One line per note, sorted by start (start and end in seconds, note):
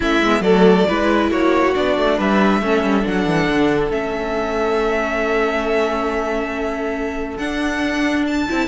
0.00 0.21 A3
0.00 0.22 C#4
0.00 0.41 E4
0.00 0.41 E5
0.21 0.41 G#3
0.21 0.43 B3
0.41 0.84 F#3
0.41 0.87 A3
0.41 0.87 A4
0.41 1.28 D5
0.88 1.30 G#3
0.88 1.74 E4
0.88 1.30 B4
1.30 1.74 A#3
1.30 2.17 F#4
1.30 1.74 C#5
1.74 1.97 B3
1.74 2.61 D4
1.74 2.18 D5
1.97 2.18 A3
2.17 2.61 G3
2.17 2.60 B4
2.17 3.06 E5
2.60 2.82 A3
2.60 3.02 C#4
2.60 8.68 A4
2.82 3.04 G3
3.02 3.25 F#3
3.02 3.88 D4
3.02 3.91 F#5
3.25 3.47 E3
3.48 3.90 D3
3.90 7.38 A3
3.90 7.39 C#4
3.90 7.37 E5
7.37 8.47 D4
7.37 8.48 D4
7.37 8.24 F#5
8.27 8.68 A5
8.48 8.68 C4
8.48 8.68 E4